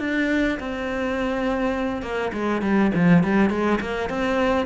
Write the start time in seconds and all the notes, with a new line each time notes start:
0.00 D4
0.60 C4
2.03 A#3
2.33 G#3
2.62 G3
2.95 F3
3.24 G3
3.50 G#3
3.81 A#3
4.10 C4